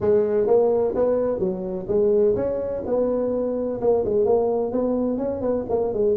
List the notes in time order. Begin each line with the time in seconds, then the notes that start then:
0.01 G#3
0.46 A#3
0.95 B3
1.39 F#3
1.87 G#3
2.35 C#4
2.86 B3
3.80 A#3
4.04 G#3
4.25 A#3
4.72 B3
5.17 C#4
5.41 B3
5.69 A#3
5.93 G#3